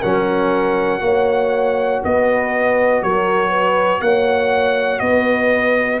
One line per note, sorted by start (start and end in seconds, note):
0.00 1.00 F#3
0.00 1.00 C#4
0.00 1.00 A#4
0.00 2.02 F#5
1.00 2.00 A#3
1.00 6.00 F#4
1.00 2.04 C#5
2.04 3.02 B3
2.04 3.03 B4
2.04 3.02 D#5
3.02 4.00 F#3
3.02 3.49 A#4
3.02 4.01 C#5
3.49 3.99 B4
4.00 5.00 A#3
4.00 5.03 C#5
4.00 4.99 F#5
4.99 6.00 B3
4.99 6.00 B4
4.99 5.99 D#5